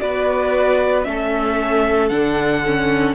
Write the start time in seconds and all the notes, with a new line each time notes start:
0.00 B3 F#4 B4 D5
1.04 A3 C#4 A4 E5
2.09 D3 D4 F#5
2.66 C#4